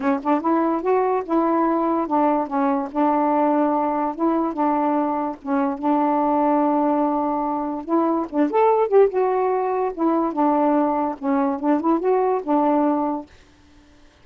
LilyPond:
\new Staff \with { instrumentName = "saxophone" } { \time 4/4 \tempo 4 = 145 cis'8 d'8 e'4 fis'4 e'4~ | e'4 d'4 cis'4 d'4~ | d'2 e'4 d'4~ | d'4 cis'4 d'2~ |
d'2. e'4 | d'8 a'4 g'8 fis'2 | e'4 d'2 cis'4 | d'8 e'8 fis'4 d'2 | }